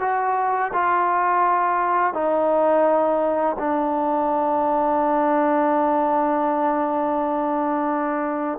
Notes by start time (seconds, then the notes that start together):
0.00 F#4
0.73 F4
2.14 D#4
3.59 D4